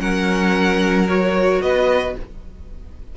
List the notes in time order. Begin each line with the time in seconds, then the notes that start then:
0.00 F#3 C#4 A#4 F#5
1.08 F#4 C#5
1.62 B3 B4 D#5